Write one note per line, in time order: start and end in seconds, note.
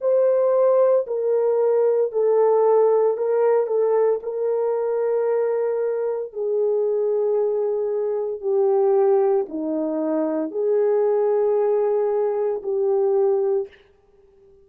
0.00 1.05 C5
1.07 2.11 A#4
2.11 3.17 A4
3.17 3.67 A#4
3.67 4.19 A4
4.22 6.33 A#4
6.33 8.40 G#4
8.40 9.45 G4
9.48 10.51 D#4
10.51 12.61 G#4
12.63 13.68 G4